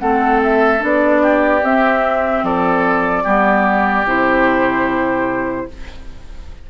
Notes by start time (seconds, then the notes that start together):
0.00 A3 C4 A4 F#5
0.43 E5
0.80 B3 D4 D5
1.22 G4
1.63 C4 E5
2.43 F3 A4 D5
3.24 G3 B3 G4
4.05 C3 E4 C5